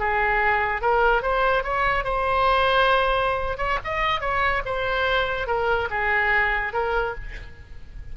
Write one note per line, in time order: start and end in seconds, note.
0.00 0.82 G#4
0.82 1.23 A#4
1.23 1.64 C5
1.64 2.05 C#5
2.05 3.58 C5
3.58 3.78 C#5
3.85 4.21 D#5
4.21 4.63 C#5
4.66 5.48 C5
5.48 5.89 A#4
5.91 6.73 G#4
6.74 7.15 A#4